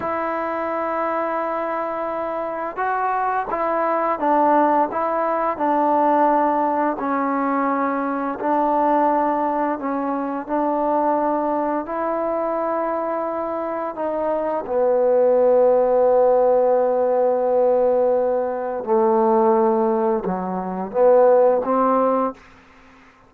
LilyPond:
\new Staff \with { instrumentName = "trombone" } { \time 4/4 \tempo 4 = 86 e'1 | fis'4 e'4 d'4 e'4 | d'2 cis'2 | d'2 cis'4 d'4~ |
d'4 e'2. | dis'4 b2.~ | b2. a4~ | a4 fis4 b4 c'4 | }